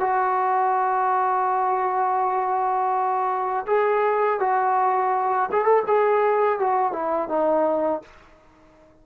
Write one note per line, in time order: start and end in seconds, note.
0.00 3.66 F#4
3.67 4.40 G#4
4.40 5.49 F#4
5.52 5.64 G#4
5.64 5.83 A4
5.87 6.60 G#4
6.60 6.93 F#4
6.93 7.29 E4
7.29 8.02 D#4